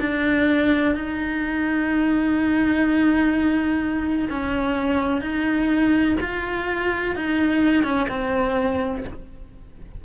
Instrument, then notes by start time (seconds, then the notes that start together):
cello
0.00 D4
0.95 D#4
4.30 C#4
5.21 D#4
6.21 F4
7.16 D#4
7.84 C#4
8.09 C4